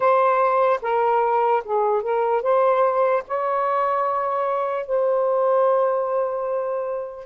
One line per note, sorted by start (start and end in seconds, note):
0.00 0.80 C5
0.81 1.63 A#4
1.64 2.02 G#4
2.02 2.42 A#4
2.42 3.23 C5
3.27 4.86 C#5
4.86 7.26 C5